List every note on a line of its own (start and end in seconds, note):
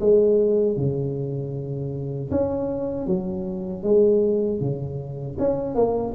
0.00 0.76 G#3
0.76 2.30 C#3
2.31 3.06 C#4
3.06 3.83 F#3
3.83 4.60 G#3
4.60 5.37 C#3
5.38 5.74 C#4
5.74 6.13 A#3